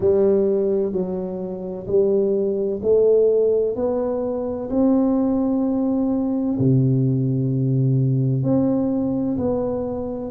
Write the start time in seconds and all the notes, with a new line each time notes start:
0.00 G3
0.92 F#3
1.87 G3
2.82 A3
3.75 B3
4.70 C4
6.59 C3
8.43 C4
9.37 B3